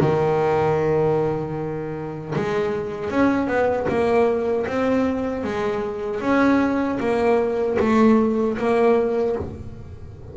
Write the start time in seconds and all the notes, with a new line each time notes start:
0.00 D#3
2.35 G#3
3.10 C#4
3.47 B3
3.88 A#3
4.67 C4
5.44 G#3
6.21 C#4
7.00 A#3
7.79 A3
8.58 A#3